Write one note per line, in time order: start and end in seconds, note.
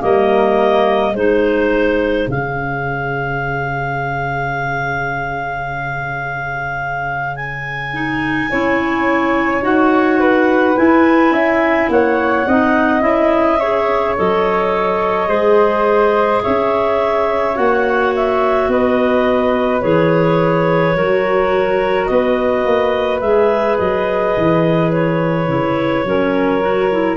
0.00 1.14 G3
0.00 1.13 A#3
0.00 1.15 A#4
0.00 1.16 D#5
1.14 2.27 G#3
1.14 2.30 D#4
1.14 8.51 G#4
1.14 2.29 C5
2.28 8.51 C#3
2.28 7.93 C#4
2.28 7.36 F5
7.36 9.63 G#5
7.93 8.50 D#4
8.51 9.62 C#4
8.51 9.62 E4
8.51 10.21 C#5
9.62 10.75 D#4
9.62 10.75 F#4
9.62 10.78 F#5
10.21 11.33 B4
10.77 12.46 E4
10.77 11.31 E4
10.77 11.91 G#5
11.31 11.88 C#4
11.31 11.90 E5
11.89 12.46 A#3
11.89 12.48 C#5
11.89 13.02 F#5
12.48 13.01 C4
12.48 13.01 D#4
12.48 13.61 D#5
13.01 14.15 C#4
13.01 13.58 E4
13.01 14.15 E5
13.61 14.17 G#4
13.61 15.29 C#5
14.17 15.29 F#3
14.17 15.28 A4
14.17 16.44 D#5
15.28 16.42 G#3
15.28 17.54 G#4
15.28 16.42 C5
16.44 17.58 C#4
16.44 18.70 C#5
16.44 17.57 E5
17.55 18.69 A#3
17.55 19.82 F#4
17.55 18.13 F#5
18.16 18.72 E5
18.69 19.82 B3
18.69 20.97 B4
18.69 19.81 D#5
19.81 20.96 E3
19.81 20.95 G#4
19.81 22.07 C#5
20.96 22.09 F#3
20.96 23.22 F#4
20.96 22.10 A#4
22.07 22.65 B3
22.07 26.08 B4
22.07 23.20 D#5
22.65 23.22 A#3
23.21 23.78 G#3
23.21 25.48 G#4
23.21 23.77 E5
23.78 24.37 F#3
23.78 24.92 D#5
24.38 25.49 E3
24.92 27.17 C#5
25.48 26.05 C#3
25.48 26.05 E4
26.05 27.17 F#3
26.05 26.62 C#4
26.05 27.17 A#4
26.62 26.90 F#4
26.92 27.17 E4